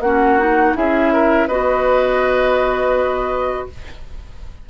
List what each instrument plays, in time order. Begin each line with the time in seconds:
0.00 bassoon A#3, clarinet C#4, oboe F#4, flute F#5
0.39 clarinet D#4
0.75 bassoon C#4, clarinet E4, oboe G#4, flute E5
1.13 oboe A#4
1.47 bassoon B3, clarinet F#4, oboe B4, flute D#5